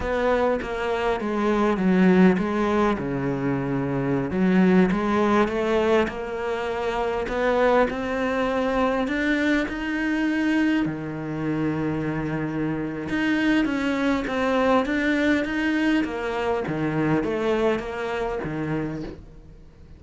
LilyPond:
\new Staff \with { instrumentName = "cello" } { \time 4/4 \tempo 4 = 101 b4 ais4 gis4 fis4 | gis4 cis2~ cis16 fis8.~ | fis16 gis4 a4 ais4.~ ais16~ | ais16 b4 c'2 d'8.~ |
d'16 dis'2 dis4.~ dis16~ | dis2 dis'4 cis'4 | c'4 d'4 dis'4 ais4 | dis4 a4 ais4 dis4 | }